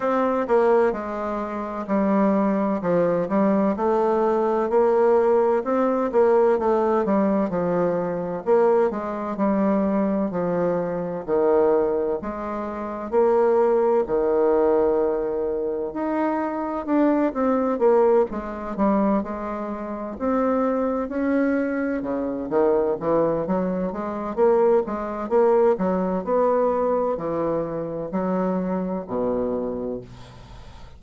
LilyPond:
\new Staff \with { instrumentName = "bassoon" } { \time 4/4 \tempo 4 = 64 c'8 ais8 gis4 g4 f8 g8 | a4 ais4 c'8 ais8 a8 g8 | f4 ais8 gis8 g4 f4 | dis4 gis4 ais4 dis4~ |
dis4 dis'4 d'8 c'8 ais8 gis8 | g8 gis4 c'4 cis'4 cis8 | dis8 e8 fis8 gis8 ais8 gis8 ais8 fis8 | b4 e4 fis4 b,4 | }